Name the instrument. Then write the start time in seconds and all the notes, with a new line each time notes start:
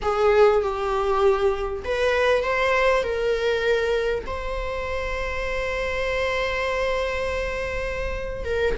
viola
0.02 G#4
0.62 G4
1.84 B4
2.43 C5
3.03 A#4
4.26 C5
8.44 A#4